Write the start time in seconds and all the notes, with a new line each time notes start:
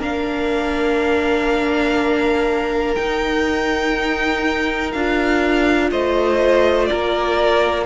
0.00 A#3 D4 A#4 F5
2.95 D#4 G5
4.92 D4 F4 F5
5.91 A3 C5 D#5
6.86 A#4 D5
6.93 A#3